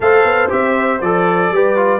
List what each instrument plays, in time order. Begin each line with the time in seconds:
0.00 tuba A3, trombone A4, horn C5, trumpet F5
0.24 tuba B3
0.49 tuba C4, trombone G4, trumpet E5
1.00 tuba F3, trombone A4, trumpet D5
1.50 tuba G3, trombone G4, horn B4
1.76 trombone F4